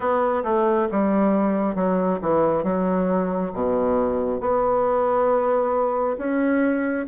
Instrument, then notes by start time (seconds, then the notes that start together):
bassoon
0.00 B3
0.43 A3
0.91 G3
1.75 F#3
2.21 E3
2.63 F#3
3.53 B2
4.40 B3
6.18 C#4